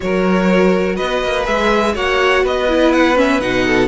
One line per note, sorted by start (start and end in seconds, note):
0.00 0.99 F#3
0.00 1.43 F#4
0.00 0.95 A#4
0.00 0.96 C#5
0.95 1.23 B3
0.95 1.93 B4
0.95 1.45 D#5
1.23 1.47 A#3
1.43 1.95 G#3
1.43 1.92 G#4
1.43 1.95 E5
1.93 2.43 A#3
1.93 2.67 F#4
1.93 2.43 C#5
1.93 2.45 F#5
2.43 3.40 B3
2.43 3.65 B4
2.43 2.92 D#5
2.68 3.15 E4
2.92 3.17 F#5
3.15 3.39 C#4
3.15 3.41 E5
3.40 3.88 B2
3.40 3.88 D#4
3.40 3.88 F#5
3.66 3.88 A4